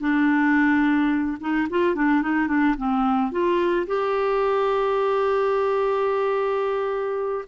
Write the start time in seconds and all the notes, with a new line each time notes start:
0.00 D4
1.40 D#4
1.70 F4
1.95 D4
2.22 D#4
2.48 D4
2.78 C4
3.32 F4
3.87 G4